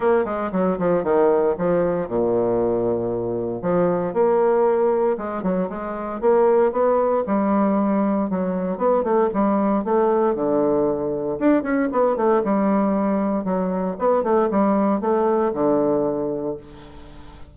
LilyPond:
\new Staff \with { instrumentName = "bassoon" } { \time 4/4 \tempo 4 = 116 ais8 gis8 fis8 f8 dis4 f4 | ais,2. f4 | ais2 gis8 fis8 gis4 | ais4 b4 g2 |
fis4 b8 a8 g4 a4 | d2 d'8 cis'8 b8 a8 | g2 fis4 b8 a8 | g4 a4 d2 | }